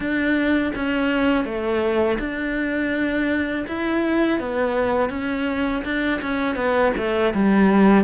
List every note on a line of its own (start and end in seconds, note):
0.00 0.73 D4
0.75 1.44 C#4
1.44 2.18 A3
2.19 3.65 D4
3.67 4.39 E4
4.39 5.09 B3
5.09 5.82 C#4
5.84 6.21 D4
6.21 6.55 C#4
6.55 6.92 B3
6.97 7.33 A3
7.34 8.04 G3